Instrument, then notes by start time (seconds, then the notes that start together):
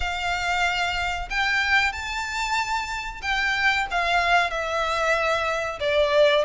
violin
0.00 F5
1.29 G5
1.92 A5
3.22 G5
3.90 F5
4.50 E5
5.80 D5